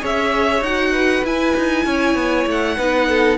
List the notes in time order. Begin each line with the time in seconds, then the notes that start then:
0.00 C#4 G#4 C#5 E5
0.61 D#4 F#4 F#5
0.92 B4
1.24 E4 G#5
1.57 D#4
1.86 C#4 C#5
2.15 B3
2.46 A3 F#5
2.77 B3 D#4 B4
3.08 A4